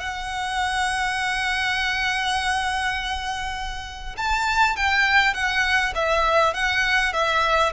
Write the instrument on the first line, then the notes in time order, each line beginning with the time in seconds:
violin
0.00 F#5
4.17 A5
4.76 G5
5.34 F#5
5.95 E5
6.54 F#5
7.13 E5